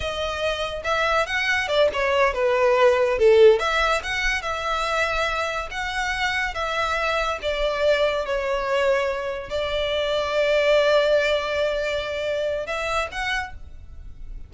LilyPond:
\new Staff \with { instrumentName = "violin" } { \time 4/4 \tempo 4 = 142 dis''2 e''4 fis''4 | d''8 cis''4 b'2 a'8~ | a'8 e''4 fis''4 e''4.~ | e''4. fis''2 e''8~ |
e''4. d''2 cis''8~ | cis''2~ cis''8 d''4.~ | d''1~ | d''2 e''4 fis''4 | }